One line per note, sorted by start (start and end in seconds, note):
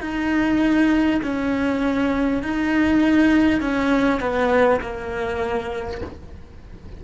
0.00 1.20 D#4
1.22 2.42 C#4
2.42 3.61 D#4
3.61 4.20 C#4
4.20 4.80 B3
4.81 6.01 A#3